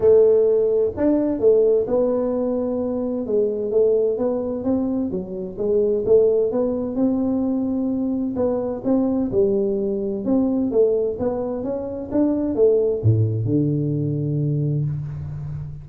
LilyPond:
\new Staff \with { instrumentName = "tuba" } { \time 4/4 \tempo 4 = 129 a2 d'4 a4 | b2. gis4 | a4 b4 c'4 fis4 | gis4 a4 b4 c'4~ |
c'2 b4 c'4 | g2 c'4 a4 | b4 cis'4 d'4 a4 | a,4 d2. | }